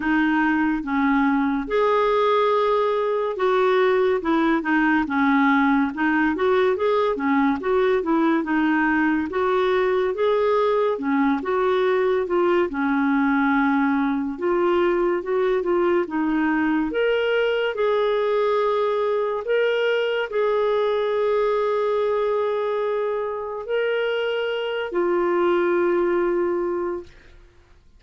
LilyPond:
\new Staff \with { instrumentName = "clarinet" } { \time 4/4 \tempo 4 = 71 dis'4 cis'4 gis'2 | fis'4 e'8 dis'8 cis'4 dis'8 fis'8 | gis'8 cis'8 fis'8 e'8 dis'4 fis'4 | gis'4 cis'8 fis'4 f'8 cis'4~ |
cis'4 f'4 fis'8 f'8 dis'4 | ais'4 gis'2 ais'4 | gis'1 | ais'4. f'2~ f'8 | }